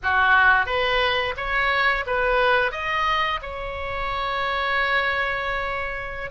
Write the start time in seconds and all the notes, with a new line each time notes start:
0.02 F#4
0.66 B4
1.36 C#5
2.06 B4
2.71 D#5
3.42 C#5